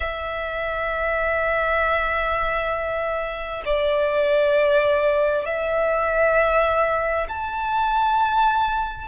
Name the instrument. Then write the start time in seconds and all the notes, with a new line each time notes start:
violin
0.00 E5
3.65 D5
5.45 E5
7.28 A5